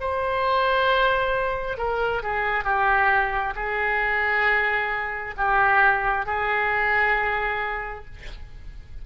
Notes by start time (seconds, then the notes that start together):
0.00 C5
1.77 A#4
2.23 G#4
2.65 G4
3.55 G#4
5.37 G4
6.26 G#4